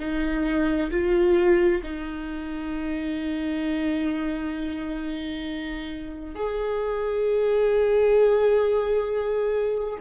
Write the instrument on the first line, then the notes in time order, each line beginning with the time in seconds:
viola
0.00 D#4
0.91 F4
1.83 D#4
6.36 G#4